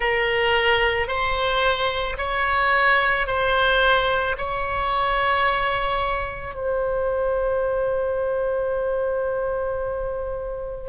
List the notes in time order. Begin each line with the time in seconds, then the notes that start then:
0.00 A#4
1.07 C5
2.17 C#5
3.27 C5
4.37 C#5
6.54 C5